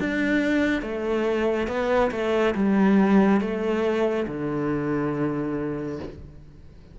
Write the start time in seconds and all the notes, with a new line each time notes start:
0.00 D4
0.82 A3
1.68 B3
2.12 A3
2.55 G3
3.41 A3
4.28 D3